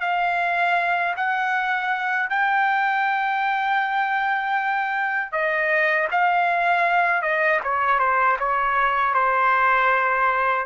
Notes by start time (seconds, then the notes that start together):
0.00 F5
1.16 F#5
2.29 G5
5.32 D#5
6.11 F5
7.22 D#5
7.63 C#5
7.99 C5
8.39 C#5
9.13 C5